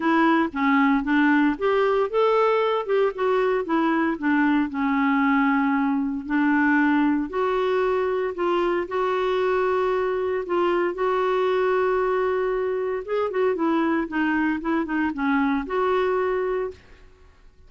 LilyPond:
\new Staff \with { instrumentName = "clarinet" } { \time 4/4 \tempo 4 = 115 e'4 cis'4 d'4 g'4 | a'4. g'8 fis'4 e'4 | d'4 cis'2. | d'2 fis'2 |
f'4 fis'2. | f'4 fis'2.~ | fis'4 gis'8 fis'8 e'4 dis'4 | e'8 dis'8 cis'4 fis'2 | }